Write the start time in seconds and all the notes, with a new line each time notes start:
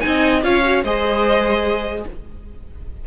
0.00 C4 D#4 D#5 G#5
0.43 C#4 F4 C#5 F5
0.64 F#4
0.83 G#3 G#4 C5 D#5